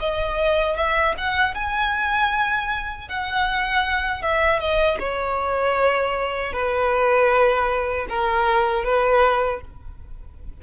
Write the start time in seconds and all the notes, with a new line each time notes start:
0.00 D#5
0.77 E5
1.18 F#5
1.55 G#5
3.09 F#5
4.22 E5
4.60 D#5
4.99 C#5
6.53 B4
8.09 A#4
8.84 B4